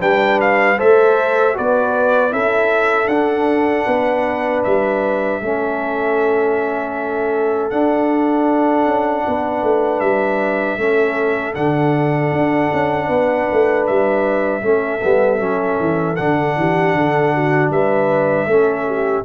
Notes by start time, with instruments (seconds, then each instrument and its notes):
0.00 tuba G3, trombone D4, horn B4, trumpet G5
0.41 trumpet F5
0.78 tuba A3, trombone A4, horn C5, trumpet E5
1.54 tuba B3, trombone F#4, horn B4, trumpet D5
2.30 tuba C#4, trombone E4, horn A4, trumpet E5
3.07 tuba D4, trombone D4, trumpet F#5
3.86 tuba B3, horn B4
4.64 tuba G3, trumpet E5
5.41 tuba A3, trombone C#4, horn A4
7.70 trombone D4, tuba D4, trumpet F#5
8.85 tuba C#4
9.28 tuba B3, horn B4
9.63 tuba A3
10.00 tuba G3, trumpet E5
10.78 tuba A3, trombone C#4, horn A4
11.54 tuba D3, trombone D4, trumpet F#5
12.32 tuba D4
12.73 tuba C#4
13.07 tuba B3, horn B4
13.52 tuba A3
13.87 tuba G3, trumpet E5
14.62 tuba A3, trombone C#4, horn A4
15.03 tuba G3, trombone B3
15.39 tuba F#3, trombone C#4
15.80 tuba E3
16.16 tuba D3, trombone D4, trumpet F#5
16.56 tuba E3, horn G4
16.94 tuba D3, horn A4
17.34 horn F#4
17.70 tuba G3, horn B4, trumpet E5
18.46 tuba A3, trombone C#4, horn A4
18.87 horn G4